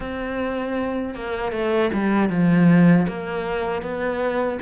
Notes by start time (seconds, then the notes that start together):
0.00 C4
1.15 A#3
1.52 A3
1.93 G3
2.29 F3
3.08 A#3
3.81 B3